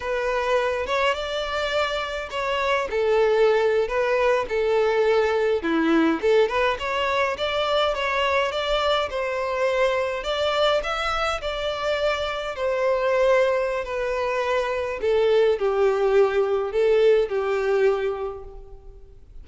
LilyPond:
\new Staff \with { instrumentName = "violin" } { \time 4/4 \tempo 4 = 104 b'4. cis''8 d''2 | cis''4 a'4.~ a'16 b'4 a'16~ | a'4.~ a'16 e'4 a'8 b'8 cis''16~ | cis''8. d''4 cis''4 d''4 c''16~ |
c''4.~ c''16 d''4 e''4 d''16~ | d''4.~ d''16 c''2~ c''16 | b'2 a'4 g'4~ | g'4 a'4 g'2 | }